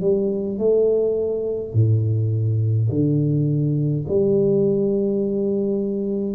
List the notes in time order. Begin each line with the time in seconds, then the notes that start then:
0.00 G3
0.58 A3
1.73 A2
2.90 D3
4.08 G3